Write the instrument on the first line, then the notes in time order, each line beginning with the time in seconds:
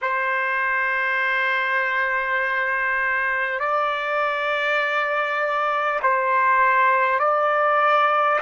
trumpet
0.01 C5
3.59 D5
6.03 C5
7.19 D5